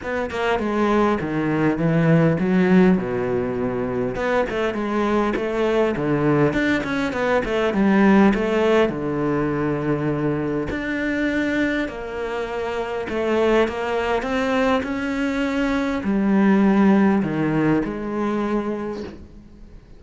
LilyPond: \new Staff \with { instrumentName = "cello" } { \time 4/4 \tempo 4 = 101 b8 ais8 gis4 dis4 e4 | fis4 b,2 b8 a8 | gis4 a4 d4 d'8 cis'8 | b8 a8 g4 a4 d4~ |
d2 d'2 | ais2 a4 ais4 | c'4 cis'2 g4~ | g4 dis4 gis2 | }